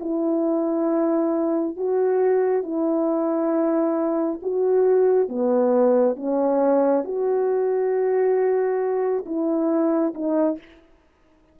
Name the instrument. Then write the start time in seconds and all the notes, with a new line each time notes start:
horn
0.00 E4
1.76 F#4
2.63 E4
4.42 F#4
5.28 B3
6.16 C#4
7.04 F#4
9.26 E4
10.14 D#4